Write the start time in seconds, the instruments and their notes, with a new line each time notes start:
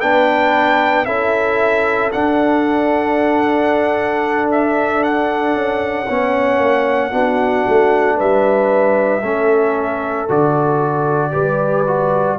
0.00 tuba B3, trombone D4, horn B4, trumpet G5
1.05 tuba C#4, trombone E4, horn A4, trumpet E5
2.11 trombone D4, tuba D4, trumpet F#5
4.51 trumpet E5
5.03 trumpet F#5
5.54 tuba C#4
6.06 tuba B3, trombone C#4, horn C#5
6.58 tuba A#3
7.11 tuba B3, trombone D4, horn F#4
7.68 tuba A3
8.16 tuba G3, horn B4, trumpet E5
9.21 tuba A3, trombone C#4, horn A4
10.28 tuba D3, trombone F#4, trumpet D5
11.31 tuba G3, trombone G4, horn B4
11.86 trombone F#4